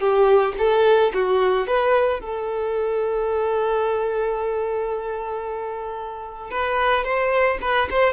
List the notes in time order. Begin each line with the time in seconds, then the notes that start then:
0.00 G4
0.58 A4
1.14 F#4
1.67 B4
2.21 A4
6.51 B4
7.04 C5
7.62 B4
7.90 C5